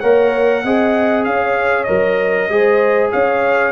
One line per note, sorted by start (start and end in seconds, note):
0.00 0.64 A#3
0.00 0.65 A#4
0.00 0.63 C#5
0.00 1.24 F#5
0.64 1.26 C4
0.64 1.87 G#4
0.64 1.26 D#5
1.24 1.87 C#4
1.24 2.52 C#5
1.24 1.84 F5
1.84 2.49 F#3
1.84 2.49 A#4
1.84 3.08 D#5
2.49 3.11 G#3
2.49 3.72 G#4
2.49 3.12 C5
3.12 3.72 C#4
3.12 3.72 C#5
3.12 3.72 F5